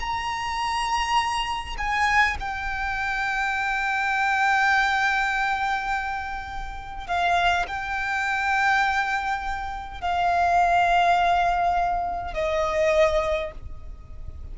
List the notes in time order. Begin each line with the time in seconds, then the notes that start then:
0.00 A#5
1.78 G#5
2.40 G5
7.07 F5
7.68 G5
10.02 F5
12.34 D#5